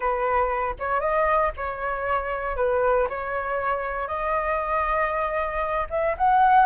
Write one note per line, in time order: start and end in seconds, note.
0.00 0.75 B4
0.79 1.00 C#5
1.00 1.51 D#5
1.56 2.56 C#5
2.56 3.07 B4
3.09 4.07 C#5
4.07 5.87 D#5
5.90 6.15 E5
6.17 6.65 F#5